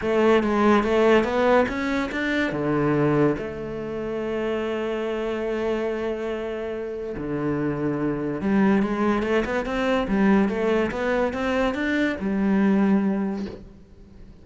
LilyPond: \new Staff \with { instrumentName = "cello" } { \time 4/4 \tempo 4 = 143 a4 gis4 a4 b4 | cis'4 d'4 d2 | a1~ | a1~ |
a4 d2. | g4 gis4 a8 b8 c'4 | g4 a4 b4 c'4 | d'4 g2. | }